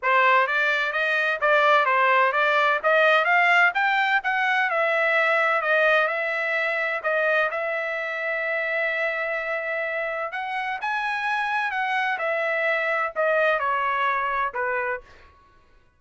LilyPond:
\new Staff \with { instrumentName = "trumpet" } { \time 4/4 \tempo 4 = 128 c''4 d''4 dis''4 d''4 | c''4 d''4 dis''4 f''4 | g''4 fis''4 e''2 | dis''4 e''2 dis''4 |
e''1~ | e''2 fis''4 gis''4~ | gis''4 fis''4 e''2 | dis''4 cis''2 b'4 | }